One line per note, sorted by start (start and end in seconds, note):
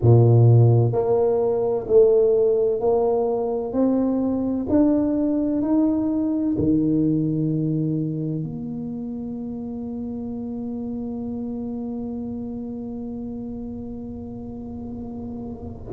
0.01 0.92 A#2
0.92 1.86 A#3
1.87 2.80 A3
2.80 3.72 A#3
3.72 4.66 C4
4.69 5.62 D4
5.62 6.55 D#4
6.58 8.43 D#3
8.43 15.92 A#3